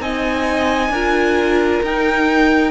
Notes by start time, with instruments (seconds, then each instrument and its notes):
0.00 cello C4, viola D#4, violin D#5 G#5
0.90 cello D4, viola F4, violin A#4
1.83 cello D#4, viola D#4, violin G5